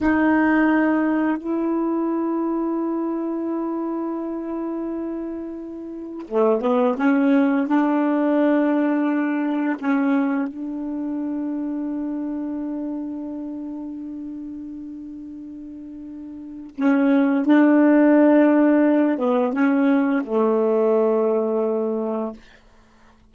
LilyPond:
\new Staff \with { instrumentName = "saxophone" } { \time 4/4 \tempo 4 = 86 dis'2 e'2~ | e'1~ | e'4 a8 b8 cis'4 d'4~ | d'2 cis'4 d'4~ |
d'1~ | d'1 | cis'4 d'2~ d'8 b8 | cis'4 a2. | }